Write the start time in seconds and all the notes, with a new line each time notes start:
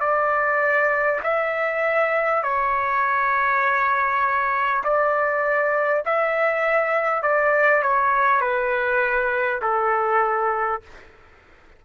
0.00 D5
1.23 E5
2.43 C#5
4.84 D5
6.05 E5
7.22 D5
7.83 C#5
8.41 B4
9.62 A4